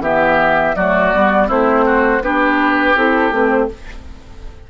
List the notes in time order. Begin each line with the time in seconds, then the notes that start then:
0.00 E3 B3 G4 E5
0.76 F#3 A3 F#4 D5
1.13 G3 B3
1.48 A3 C4 E4 C5
1.86 F#4
2.21 B3 D4 G4 B4
2.96 C4 E4 A4
3.31 A3 C4 B4
3.50 C5